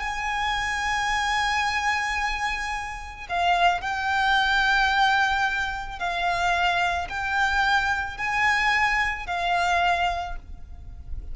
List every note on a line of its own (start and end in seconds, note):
0.00 3.27 G#5
3.29 3.81 F5
3.81 5.99 G5
5.99 7.08 F5
7.09 8.18 G5
8.18 9.27 G#5
9.27 10.36 F5